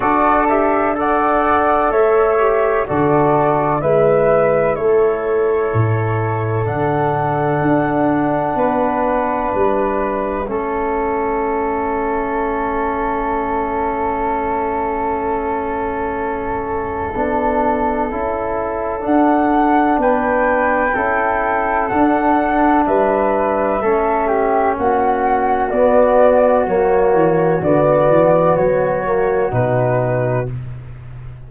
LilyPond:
<<
  \new Staff \with { instrumentName = "flute" } { \time 4/4 \tempo 4 = 63 d''8 e''8 fis''4 e''4 d''4 | e''4 cis''2 fis''4~ | fis''2 e''2~ | e''1~ |
e''1 | fis''4 g''2 fis''4 | e''2 fis''4 d''4 | cis''4 d''4 cis''4 b'4 | }
  \new Staff \with { instrumentName = "flute" } { \time 4/4 a'4 d''4 cis''4 a'4 | b'4 a'2.~ | a'4 b'2 a'4~ | a'1~ |
a'1~ | a'4 b'4 a'2 | b'4 a'8 g'8 fis'2~ | fis'1 | }
  \new Staff \with { instrumentName = "trombone" } { \time 4/4 fis'8 g'8 a'4. g'8 fis'4 | e'2. d'4~ | d'2. cis'4~ | cis'1~ |
cis'2 d'4 e'4 | d'2 e'4 d'4~ | d'4 cis'2 b4 | ais4 b4. ais8 dis'4 | }
  \new Staff \with { instrumentName = "tuba" } { \time 4/4 d'2 a4 d4 | gis4 a4 a,4 d4 | d'4 b4 g4 a4~ | a1~ |
a2 b4 cis'4 | d'4 b4 cis'4 d'4 | g4 a4 ais4 b4 | fis8 e8 d8 e8 fis4 b,4 | }
>>